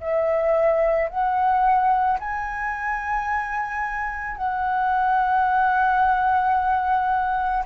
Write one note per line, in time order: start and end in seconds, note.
0.00 1.09 E5
1.09 2.18 F#5
2.20 4.36 G#5
4.36 7.64 F#5